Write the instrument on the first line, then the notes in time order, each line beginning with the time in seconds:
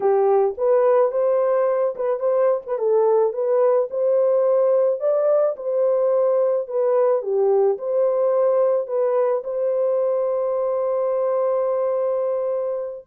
horn
0.00 G4
0.57 B4
1.11 C5
1.95 B4
2.19 C5
2.66 B4
2.78 A4
3.33 B4
3.90 C5
4.99 D5
5.56 C5
6.67 B4
7.22 G4
7.78 C5
8.87 B4
9.44 C5